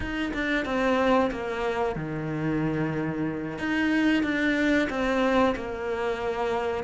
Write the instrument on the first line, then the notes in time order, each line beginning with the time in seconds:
cello
0.00 D#4
0.33 D4
0.65 C4
1.31 A#3
1.95 D#3
3.58 D#4
4.23 D4
4.89 C4
5.55 A#3